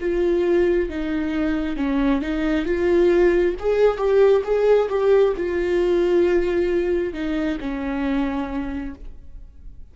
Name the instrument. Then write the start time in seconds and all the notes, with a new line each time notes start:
viola
0.00 F4
0.89 D#4
1.76 C#4
2.21 D#4
2.65 F4
3.59 G#4
3.97 G4
4.44 G#4
4.88 G4
5.36 F4
7.13 D#4
7.60 C#4